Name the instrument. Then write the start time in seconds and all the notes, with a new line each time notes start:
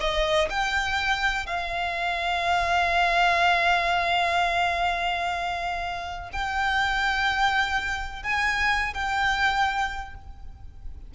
violin
0.00 D#5
0.49 G5
1.46 F5
6.32 G5
8.23 G#5
8.93 G5